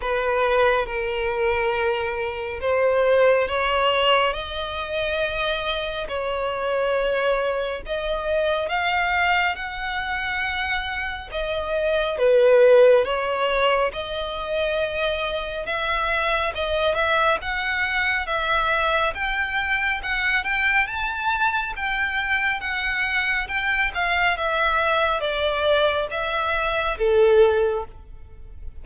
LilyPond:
\new Staff \with { instrumentName = "violin" } { \time 4/4 \tempo 4 = 69 b'4 ais'2 c''4 | cis''4 dis''2 cis''4~ | cis''4 dis''4 f''4 fis''4~ | fis''4 dis''4 b'4 cis''4 |
dis''2 e''4 dis''8 e''8 | fis''4 e''4 g''4 fis''8 g''8 | a''4 g''4 fis''4 g''8 f''8 | e''4 d''4 e''4 a'4 | }